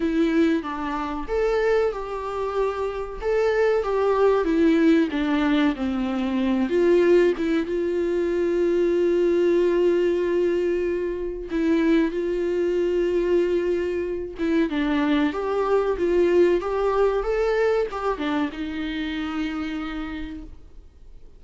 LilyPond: \new Staff \with { instrumentName = "viola" } { \time 4/4 \tempo 4 = 94 e'4 d'4 a'4 g'4~ | g'4 a'4 g'4 e'4 | d'4 c'4. f'4 e'8 | f'1~ |
f'2 e'4 f'4~ | f'2~ f'8 e'8 d'4 | g'4 f'4 g'4 a'4 | g'8 d'8 dis'2. | }